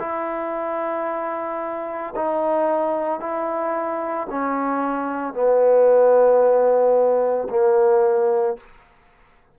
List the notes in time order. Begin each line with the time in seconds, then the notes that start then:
0.00 E4
2.16 D#4
3.20 E4
4.30 C#4
5.34 B3
7.50 A#3